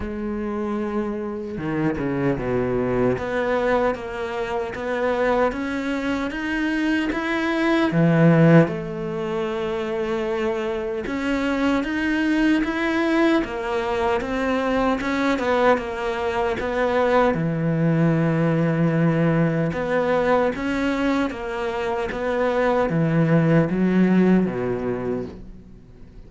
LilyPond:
\new Staff \with { instrumentName = "cello" } { \time 4/4 \tempo 4 = 76 gis2 dis8 cis8 b,4 | b4 ais4 b4 cis'4 | dis'4 e'4 e4 a4~ | a2 cis'4 dis'4 |
e'4 ais4 c'4 cis'8 b8 | ais4 b4 e2~ | e4 b4 cis'4 ais4 | b4 e4 fis4 b,4 | }